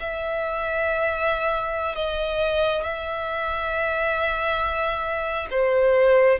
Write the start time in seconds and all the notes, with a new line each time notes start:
0.00 E5
1.95 D#5
2.83 E5
5.51 C5